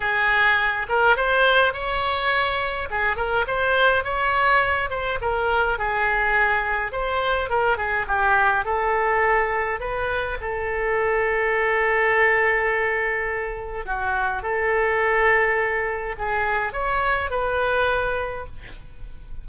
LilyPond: \new Staff \with { instrumentName = "oboe" } { \time 4/4 \tempo 4 = 104 gis'4. ais'8 c''4 cis''4~ | cis''4 gis'8 ais'8 c''4 cis''4~ | cis''8 c''8 ais'4 gis'2 | c''4 ais'8 gis'8 g'4 a'4~ |
a'4 b'4 a'2~ | a'1 | fis'4 a'2. | gis'4 cis''4 b'2 | }